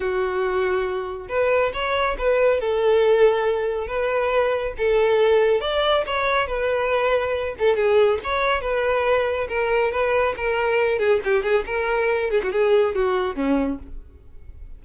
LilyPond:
\new Staff \with { instrumentName = "violin" } { \time 4/4 \tempo 4 = 139 fis'2. b'4 | cis''4 b'4 a'2~ | a'4 b'2 a'4~ | a'4 d''4 cis''4 b'4~ |
b'4. a'8 gis'4 cis''4 | b'2 ais'4 b'4 | ais'4. gis'8 g'8 gis'8 ais'4~ | ais'8 gis'16 fis'16 gis'4 fis'4 cis'4 | }